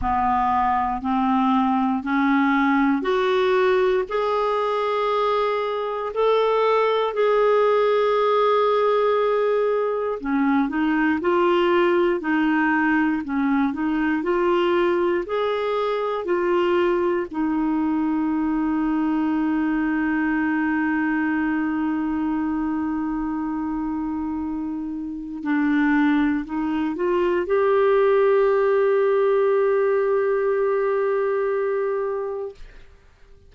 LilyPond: \new Staff \with { instrumentName = "clarinet" } { \time 4/4 \tempo 4 = 59 b4 c'4 cis'4 fis'4 | gis'2 a'4 gis'4~ | gis'2 cis'8 dis'8 f'4 | dis'4 cis'8 dis'8 f'4 gis'4 |
f'4 dis'2.~ | dis'1~ | dis'4 d'4 dis'8 f'8 g'4~ | g'1 | }